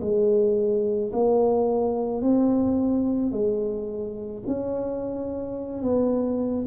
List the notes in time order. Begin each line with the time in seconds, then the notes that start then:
0.00 G#3
1.13 A#3
2.21 C4
3.31 G#3
4.46 C#4
5.82 B3